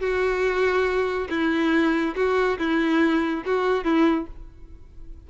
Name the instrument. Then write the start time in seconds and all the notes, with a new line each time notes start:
violin
0.00 F#4
1.30 E4
2.16 F#4
2.59 E4
3.45 F#4
3.84 E4